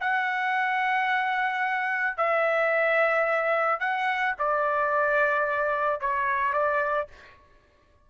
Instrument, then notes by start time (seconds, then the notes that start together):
trumpet
0.00 F#5
2.17 E5
3.80 F#5
4.39 D5
6.01 C#5
6.53 D5